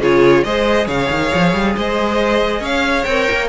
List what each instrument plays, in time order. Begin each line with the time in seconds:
0.00 cello C#3, viola F4, violin G#4 C#5
0.44 cello G#3, viola G#4, violin C5 D#5
0.87 cello C#3, violin C#5 F5
1.11 cello D#3
1.34 cello F3
1.54 cello G3
1.76 cello G#3, violin C5 D#5
2.61 cello C#4, violin C#5 F5
3.05 cello C4, viola A#4, violin G5
3.32 cello A#3